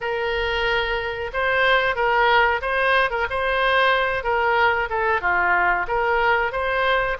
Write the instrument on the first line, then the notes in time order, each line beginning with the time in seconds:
oboe
0.00 A#4
1.33 C5
1.95 A#4
2.61 C5
3.10 A#4
3.29 C5
4.23 A#4
4.89 A4
5.21 F4
5.87 A#4
6.52 C5